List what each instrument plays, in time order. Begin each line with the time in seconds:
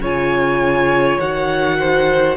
0.00 cello C#3, viola F4, violin C#5 G#5
1.20 cello D#3, viola F#4, violin F#5
1.79 violin C5